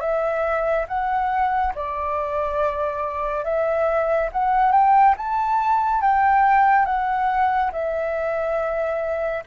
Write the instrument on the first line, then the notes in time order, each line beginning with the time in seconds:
flute
0.00 E5
0.88 F#5
1.75 D5
3.44 E5
4.32 F#5
4.72 G5
5.17 A5
6.01 G5
6.85 F#5
7.72 E5